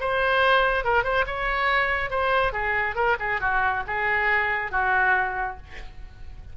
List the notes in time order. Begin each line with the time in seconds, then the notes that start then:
0.00 C5
0.84 A#4
1.03 C5
1.26 C#5
2.10 C5
2.52 G#4
2.95 A#4
3.19 G#4
3.40 F#4
3.86 G#4
4.71 F#4